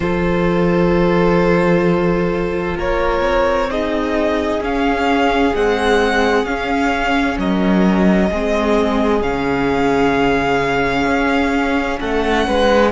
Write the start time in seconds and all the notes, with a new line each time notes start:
0.00 F3 F4 A4 C5
2.77 A#3 A#4 C#5
3.20 C4
3.70 D#4 G#4 D#5
4.60 C#4 F5
5.54 G#3 C4 F#5
6.44 C#4 F5
7.38 F#3 A#4 D#5
8.30 G#3 C4 G#4
9.21 C#3 C#4 F5
11.06 C#4
12.00 A3 A4 F#5
12.47 G#3 B4